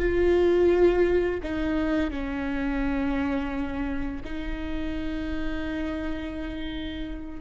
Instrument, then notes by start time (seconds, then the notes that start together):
viola
0.00 F4
1.43 D#4
2.11 C#4
4.24 D#4